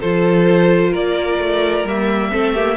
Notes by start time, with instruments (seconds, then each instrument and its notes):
0.00 cello F3, viola F4, violin A4 C5
0.90 cello A#3, violin A#4 D5
1.38 cello A3
1.84 cello G3, viola A#3, violin E5
2.31 cello A3, viola C4, violin A4
2.54 viola A#3, violin G4